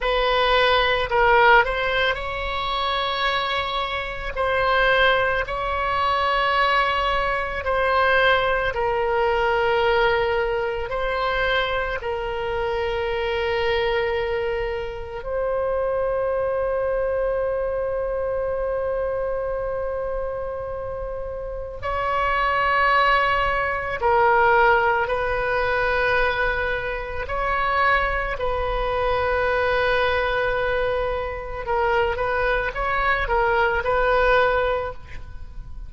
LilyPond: \new Staff \with { instrumentName = "oboe" } { \time 4/4 \tempo 4 = 55 b'4 ais'8 c''8 cis''2 | c''4 cis''2 c''4 | ais'2 c''4 ais'4~ | ais'2 c''2~ |
c''1 | cis''2 ais'4 b'4~ | b'4 cis''4 b'2~ | b'4 ais'8 b'8 cis''8 ais'8 b'4 | }